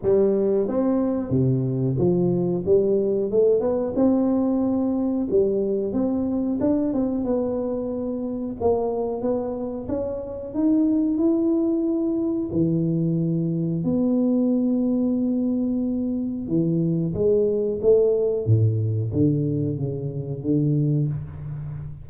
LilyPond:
\new Staff \with { instrumentName = "tuba" } { \time 4/4 \tempo 4 = 91 g4 c'4 c4 f4 | g4 a8 b8 c'2 | g4 c'4 d'8 c'8 b4~ | b4 ais4 b4 cis'4 |
dis'4 e'2 e4~ | e4 b2.~ | b4 e4 gis4 a4 | a,4 d4 cis4 d4 | }